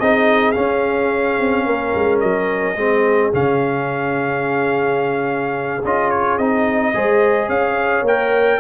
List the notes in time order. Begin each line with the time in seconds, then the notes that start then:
0.00 C4 D#4 G#4 D#5
0.52 C#4 F5
1.40 C4
1.66 A#3 A#4
1.95 G#3
2.20 F#3 D#5
2.76 G#3 C4 G#4
3.33 C#3 C#4 F5
5.84 C#4 F4 D#5
6.11 C#5
6.38 C4 D#4 D#5
6.94 G#3 G#4 C5
7.48 C#4 C#5 F5
8.02 A#3 A#4 G5